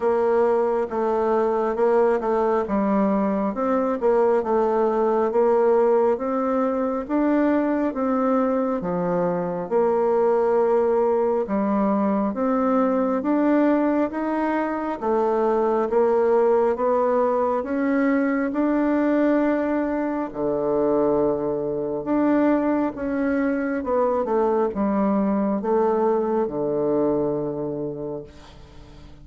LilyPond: \new Staff \with { instrumentName = "bassoon" } { \time 4/4 \tempo 4 = 68 ais4 a4 ais8 a8 g4 | c'8 ais8 a4 ais4 c'4 | d'4 c'4 f4 ais4~ | ais4 g4 c'4 d'4 |
dis'4 a4 ais4 b4 | cis'4 d'2 d4~ | d4 d'4 cis'4 b8 a8 | g4 a4 d2 | }